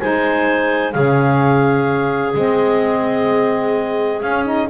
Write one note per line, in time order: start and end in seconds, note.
0.00 0.95 G#3
0.00 0.93 D#4
0.00 0.94 C5
0.00 0.92 G#5
0.92 2.35 C#3
0.92 2.33 C#4
0.92 4.69 G#4
0.92 2.33 F5
2.35 4.22 G#3
2.35 4.22 C4
2.35 4.21 D#5
4.21 4.69 C#4
4.21 4.45 C#4
4.21 4.44 F5
4.45 4.68 D#4
4.45 4.69 D#5